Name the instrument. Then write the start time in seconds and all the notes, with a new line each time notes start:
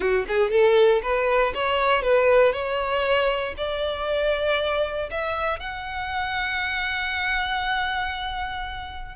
violin
0.00 F#4
0.28 G#4
0.50 A4
1.02 B4
1.54 C#5
2.02 B4
2.52 C#5
3.57 D5
5.11 E5
5.59 F#5